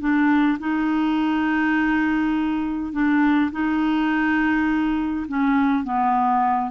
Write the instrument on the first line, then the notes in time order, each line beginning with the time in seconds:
clarinet
0.00 D4
0.59 D#4
2.93 D4
3.52 D#4
5.28 C#4
5.84 B3